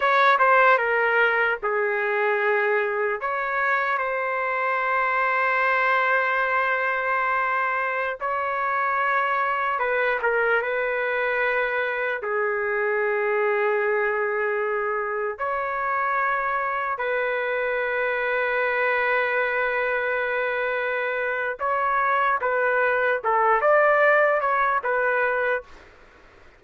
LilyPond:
\new Staff \with { instrumentName = "trumpet" } { \time 4/4 \tempo 4 = 75 cis''8 c''8 ais'4 gis'2 | cis''4 c''2.~ | c''2~ c''16 cis''4.~ cis''16~ | cis''16 b'8 ais'8 b'2 gis'8.~ |
gis'2.~ gis'16 cis''8.~ | cis''4~ cis''16 b'2~ b'8.~ | b'2. cis''4 | b'4 a'8 d''4 cis''8 b'4 | }